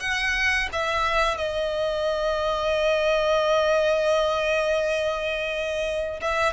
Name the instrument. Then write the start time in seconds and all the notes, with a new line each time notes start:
violin
0.00 F#5
0.72 E5
1.37 D#5
6.21 E5